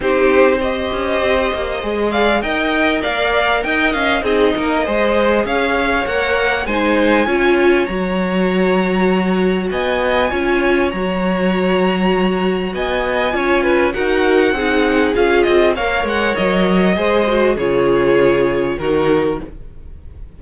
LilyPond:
<<
  \new Staff \with { instrumentName = "violin" } { \time 4/4 \tempo 4 = 99 c''4 dis''2~ dis''8 f''8 | g''4 f''4 g''8 f''8 dis''4~ | dis''4 f''4 fis''4 gis''4~ | gis''4 ais''2. |
gis''2 ais''2~ | ais''4 gis''2 fis''4~ | fis''4 f''8 dis''8 f''8 fis''8 dis''4~ | dis''4 cis''2 ais'4 | }
  \new Staff \with { instrumentName = "violin" } { \time 4/4 g'4 c''2~ c''8 d''8 | dis''4 d''4 dis''4 gis'8 ais'8 | c''4 cis''2 c''4 | cis''1 |
dis''4 cis''2.~ | cis''4 dis''4 cis''8 b'8 ais'4 | gis'2 cis''2 | c''4 gis'2 fis'4 | }
  \new Staff \with { instrumentName = "viola" } { \time 4/4 dis'4 g'2 gis'4 | ais'2. dis'4 | gis'2 ais'4 dis'4 | f'4 fis'2.~ |
fis'4 f'4 fis'2~ | fis'2 f'4 fis'4 | dis'4 f'4 ais'2 | gis'8 fis'8 f'2 dis'4 | }
  \new Staff \with { instrumentName = "cello" } { \time 4/4 c'4. cis'8 c'8 ais8 gis4 | dis'4 ais4 dis'8 cis'8 c'8 ais8 | gis4 cis'4 ais4 gis4 | cis'4 fis2. |
b4 cis'4 fis2~ | fis4 b4 cis'4 dis'4 | c'4 cis'8 c'8 ais8 gis8 fis4 | gis4 cis2 dis4 | }
>>